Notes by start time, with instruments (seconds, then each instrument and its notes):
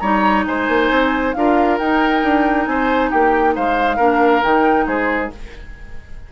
0.00 bassoon G3, clarinet D#4, oboe C#5, flute A#5
0.47 bassoon G#3, oboe C5, flute G#5
0.69 bassoon A#3
0.90 bassoon C4
1.34 bassoon D4, clarinet F4, oboe A#4, flute F5
1.78 bassoon D#4, clarinet D#4, flute G5
2.24 bassoon D4
2.67 bassoon C4, oboe C5, flute G#5
3.11 bassoon A#3, oboe G4, flute G5
3.56 bassoon G#3, oboe C5, flute F5
3.97 bassoon A#3, clarinet D4, oboe A#4
4.42 bassoon D#3, clarinet D#4, flute G5
4.87 bassoon G#3, oboe G#4, flute C5